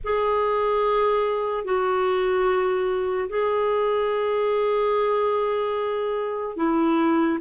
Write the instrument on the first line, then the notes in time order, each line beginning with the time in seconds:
clarinet
0.04 G#4
1.64 F#4
3.29 G#4
6.56 E4